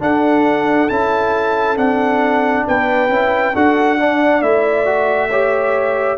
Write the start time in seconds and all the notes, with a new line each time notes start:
0.00 D4 A4 F#5
0.88 C#4 E4 A5
1.76 C4 D4 F#5
2.67 B3 B4 G5
3.09 C#4 E4
3.55 D4 F#4 A4 F#5
3.99 D4 D5
4.42 A3 E4 E5
4.85 F#4
5.29 G4 C#5